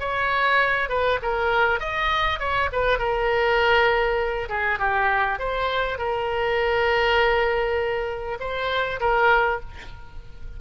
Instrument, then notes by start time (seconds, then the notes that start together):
oboe
0.00 C#5
0.89 B4
1.22 A#4
1.80 D#5
2.39 C#5
2.72 B4
2.99 A#4
4.49 G#4
4.79 G4
5.39 C5
5.98 A#4
8.40 C5
9.00 A#4